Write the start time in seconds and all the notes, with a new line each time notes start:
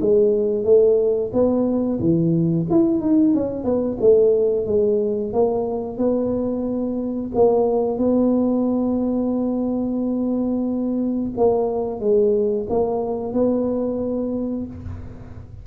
0.00 G#3
0.64 A3
1.33 B3
2.00 E3
2.70 E4
3.01 D#4
3.34 C#4
3.64 B3
4.01 A3
4.66 G#3
5.33 A#3
5.98 B3
7.35 A#3
7.98 B3
11.37 A#3
12.00 G#3
12.69 A#3
13.33 B3